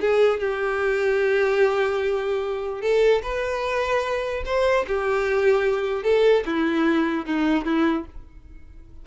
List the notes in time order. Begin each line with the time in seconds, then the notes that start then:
0.00 G#4
0.39 G4
2.81 A4
3.22 B4
4.45 C5
4.87 G4
6.03 A4
6.45 E4
7.25 D#4
7.65 E4